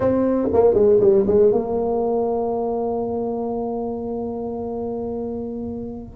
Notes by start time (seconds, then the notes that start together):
0.00 C4
0.53 A#3
0.74 G#3
1.00 G3
1.26 G#3
1.51 A#3